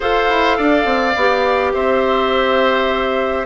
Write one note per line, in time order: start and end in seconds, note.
0.00 0.29 F4
0.00 1.13 A4
0.00 0.57 C5
0.00 1.73 F5
0.29 0.58 E4
0.57 0.85 D4
0.57 1.73 D5
0.85 1.14 C4
1.16 1.73 B3
1.16 3.45 G4
1.73 3.45 C4
1.73 3.45 C5
1.73 3.45 E5